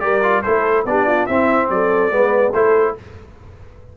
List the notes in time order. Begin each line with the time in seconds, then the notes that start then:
0.00 G3 G4 A#4 D5
0.23 F4
0.42 A3 E4 A4 C5
0.85 B3 D4 G4 D5
1.07 F4
1.26 C4 E4 E5
1.70 F#3 A4 D5
2.11 G#3 B3 B4
2.52 A3 E4 A4 C5